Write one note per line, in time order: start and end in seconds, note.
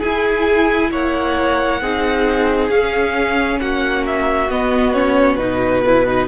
0.00 1.83 E4
0.00 0.92 E4
0.00 0.90 G#4
0.00 0.91 G#5
0.92 1.81 A#3
0.92 1.82 C#5
0.92 2.70 F#5
1.82 2.70 C4
1.82 2.71 D#4
1.82 3.61 G#4
2.70 3.60 C#4
2.70 4.50 C#4
2.70 3.59 F5
3.60 4.49 A#3
3.60 5.84 F#4
3.60 4.05 F#5
4.07 4.51 E5
4.49 5.38 B3
4.49 4.94 B3
4.49 4.93 D#5
4.93 5.38 C#4
4.93 5.36 C#5
5.36 6.27 B2
5.36 5.83 D#4
5.36 6.26 B4
5.84 6.07 E4
5.84 6.28 B4
6.07 6.28 D#4